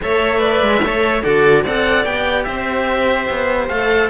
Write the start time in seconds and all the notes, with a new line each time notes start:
0.01 A3 A4 C#5 E5
0.38 B4 D5
0.62 G#3
0.81 A3 A4 C#5
1.23 D3 F#4 A4 D5
1.63 C4 A4 D5 F#5
2.04 B3 G4 G5
2.44 C4 C5 E5
3.29 B3
3.68 A3 A4 F5